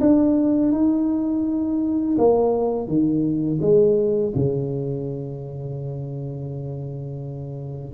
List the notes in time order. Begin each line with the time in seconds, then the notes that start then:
0.00 D4
0.72 D#4
2.18 A#3
2.87 D#3
3.61 G#3
4.35 C#3